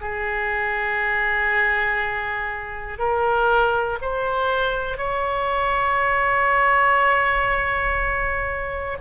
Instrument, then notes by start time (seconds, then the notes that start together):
oboe
0.00 G#4
2.98 A#4
4.01 C5
4.97 C#5